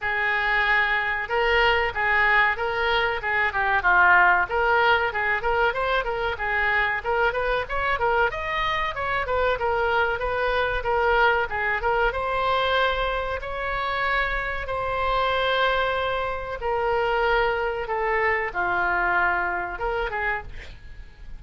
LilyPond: \new Staff \with { instrumentName = "oboe" } { \time 4/4 \tempo 4 = 94 gis'2 ais'4 gis'4 | ais'4 gis'8 g'8 f'4 ais'4 | gis'8 ais'8 c''8 ais'8 gis'4 ais'8 b'8 | cis''8 ais'8 dis''4 cis''8 b'8 ais'4 |
b'4 ais'4 gis'8 ais'8 c''4~ | c''4 cis''2 c''4~ | c''2 ais'2 | a'4 f'2 ais'8 gis'8 | }